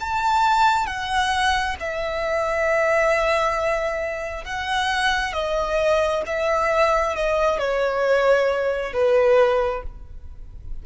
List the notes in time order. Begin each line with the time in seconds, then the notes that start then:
0.00 A5
0.86 F#5
1.80 E5
4.45 F#5
5.33 D#5
6.26 E5
7.16 D#5
7.59 C#5
8.93 B4